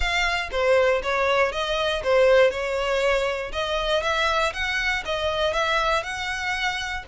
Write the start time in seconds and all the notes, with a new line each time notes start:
0.00 F5
0.51 C5
1.02 C#5
1.51 D#5
2.03 C5
2.50 C#5
3.52 D#5
4.02 E5
4.53 F#5
5.05 D#5
5.53 E5
6.03 F#5